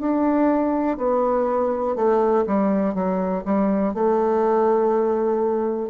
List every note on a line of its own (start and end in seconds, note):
0.00 0.97 D4
0.97 1.96 B3
1.96 2.45 A3
2.47 2.95 G3
2.95 3.44 F#3
3.45 3.94 G3
3.94 5.90 A3